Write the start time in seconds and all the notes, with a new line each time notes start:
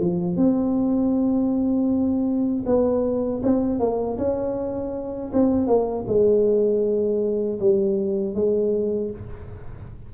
0.00 F3
0.37 C4
2.66 B3
3.43 C4
3.79 A#3
4.18 C#4
5.33 C4
5.67 A#3
6.08 G#3
7.60 G3
8.35 G#3